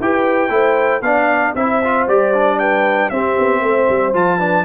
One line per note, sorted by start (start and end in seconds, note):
0.00 0.49 E4
0.00 0.49 G4
0.00 0.51 B4
0.00 1.02 G5
0.49 1.01 A3
0.49 1.01 E4
0.49 1.03 C5
1.01 1.53 B3
1.01 1.56 D4
1.01 1.55 D5
1.01 1.54 F5
1.55 2.07 C4
1.55 1.83 E4
1.55 2.59 C5
1.55 2.07 E5
1.84 2.09 F4
2.07 3.10 G3
2.07 2.34 G4
2.07 2.59 D5
2.34 3.12 D4
2.59 3.11 B4
2.59 3.09 G5
3.09 3.37 C4
3.09 4.14 C4
3.09 3.61 G4
3.09 4.13 E5
3.39 3.61 B3
3.61 3.87 A3
3.61 4.38 C5
3.89 4.14 G3
4.14 4.65 F3
4.14 4.39 F4
4.14 4.65 A5
4.38 4.65 D4
4.38 4.64 B4